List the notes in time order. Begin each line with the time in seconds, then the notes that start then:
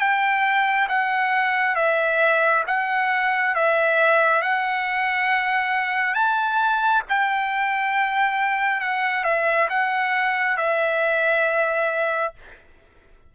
0.00 G5
0.89 F#5
1.76 E5
2.68 F#5
3.55 E5
4.42 F#5
6.15 A5
7.09 G5
8.81 F#5
9.24 E5
9.70 F#5
10.58 E5